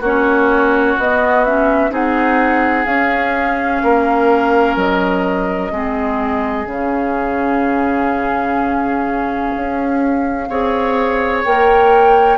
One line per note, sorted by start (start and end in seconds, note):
0.00 0.95 A#3
0.00 1.00 C#4
0.00 1.91 F#4
0.00 0.99 C#5
0.97 1.90 B3
0.97 1.45 B3
0.97 1.44 D#5
1.44 1.90 C#4
1.44 1.92 E5
1.90 2.85 C4
1.90 2.85 D#4
1.90 3.82 G#4
1.90 2.86 F#5
2.85 3.81 C#4
2.85 5.71 C#4
2.85 4.76 F5
3.83 4.76 A#3
3.83 5.72 A#4
4.76 5.71 F#3
4.76 6.66 D#5
5.71 6.66 G#3
5.71 6.66 C4
5.71 10.48 G#4
6.66 9.52 C#3
6.66 10.47 C#4
6.66 11.42 F5
9.56 10.48 C#4
10.48 11.44 C4
10.48 11.44 G#4
10.48 12.37 C#5
11.44 12.37 A#3
11.44 12.37 A#4
11.44 12.37 G5